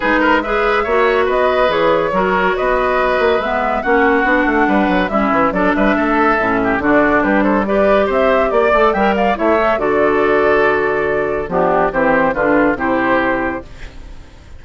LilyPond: <<
  \new Staff \with { instrumentName = "flute" } { \time 4/4 \tempo 4 = 141 b'4 e''2 dis''4 | cis''2 dis''2 | e''4 fis''2. | e''4 d''8 e''2~ e''8 |
d''4 b'8 c''8 d''4 e''4 | d''4 g''8 f''8 e''4 d''4~ | d''2. g'4 | c''4 b'4 c''2 | }
  \new Staff \with { instrumentName = "oboe" } { \time 4/4 gis'8 ais'8 b'4 cis''4 b'4~ | b'4 ais'4 b'2~ | b'4 fis'2 b'4 | e'4 a'8 b'8 a'4. g'8 |
fis'4 g'8 a'8 b'4 c''4 | d''4 e''8 d''8 cis''4 a'4~ | a'2. d'4 | g'4 f'4 g'2 | }
  \new Staff \with { instrumentName = "clarinet" } { \time 4/4 dis'4 gis'4 fis'2 | gis'4 fis'2. | b4 cis'4 d'2 | cis'4 d'2 cis'4 |
d'2 g'2~ | g'8 a'8 ais'4 e'8 a'8 fis'4~ | fis'2. b4 | c'4 d'4 e'2 | }
  \new Staff \with { instrumentName = "bassoon" } { \time 4/4 gis2 ais4 b4 | e4 fis4 b4. ais8 | gis4 ais4 b8 a8 g8 fis8 | g8 e8 fis8 g8 a4 a,4 |
d4 g2 c'4 | ais8 a8 g4 a4 d4~ | d2. f4 | e4 d4 c2 | }
>>